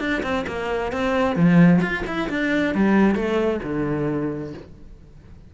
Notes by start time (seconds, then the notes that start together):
0.00 D4
0.23 C4
0.47 A#3
0.93 C4
1.36 F3
1.82 F4
2.07 E4
2.30 D4
2.75 G3
3.16 A3
3.64 D3